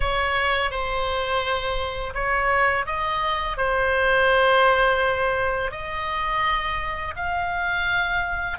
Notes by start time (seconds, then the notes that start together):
0.00 C#5
0.70 C5
2.14 C#5
2.85 D#5
3.57 C5
5.71 D#5
7.16 F5